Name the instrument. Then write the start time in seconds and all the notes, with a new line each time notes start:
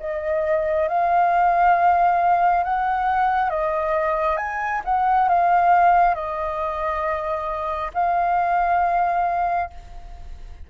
flute
0.00 D#5
0.88 F5
2.64 F#5
3.50 D#5
4.37 G#5
4.84 F#5
5.29 F5
6.15 D#5
7.94 F5